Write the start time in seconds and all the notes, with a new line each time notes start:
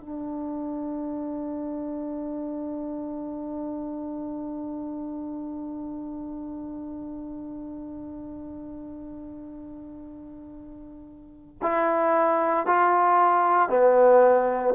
0.00 D4
11.62 E4
12.66 F4
13.69 B3